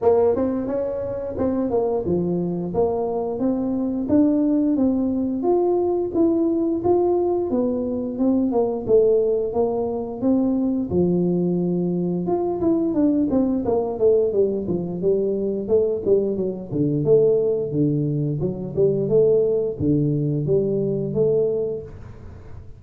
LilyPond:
\new Staff \with { instrumentName = "tuba" } { \time 4/4 \tempo 4 = 88 ais8 c'8 cis'4 c'8 ais8 f4 | ais4 c'4 d'4 c'4 | f'4 e'4 f'4 b4 | c'8 ais8 a4 ais4 c'4 |
f2 f'8 e'8 d'8 c'8 | ais8 a8 g8 f8 g4 a8 g8 | fis8 d8 a4 d4 fis8 g8 | a4 d4 g4 a4 | }